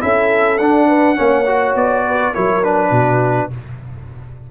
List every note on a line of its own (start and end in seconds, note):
0.00 0.59 C#4
0.00 0.58 E4
0.00 0.88 A4
0.00 0.58 E5
0.58 1.18 D4
0.58 1.16 D4
0.58 1.75 F#5
0.88 1.17 B4
1.16 1.75 A#3
1.16 1.45 C#4
1.16 2.05 C#5
1.46 2.34 F#4
1.75 2.33 B3
1.75 2.35 D5
2.07 2.34 B4
2.34 2.91 F#3
2.34 2.63 E4
2.34 2.91 A#4
2.34 2.64 C#5
2.63 3.51 D4
2.63 3.51 B4
2.91 3.49 B2
2.91 3.49 F#4